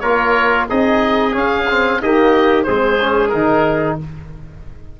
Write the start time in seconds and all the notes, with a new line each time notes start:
0.00 A#3 F4 A#4 C#5
0.69 C4 D#4 G#4 D#5
1.31 C#4 F5
1.70 C4
2.01 A#3 D#4 G4 D#5
2.63 G#3 C4 G#4 C5
3.00 C#4
3.29 D#3 D#4 A#4